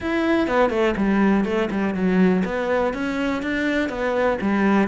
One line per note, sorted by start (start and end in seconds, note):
0.00 0.47 E4
0.47 0.70 B3
0.70 0.94 A3
0.96 1.45 G3
1.45 1.69 A3
1.70 1.94 G3
1.94 2.43 F#3
2.44 2.93 B3
2.93 3.42 C#4
3.42 3.89 D4
3.89 4.38 B3
4.41 4.88 G3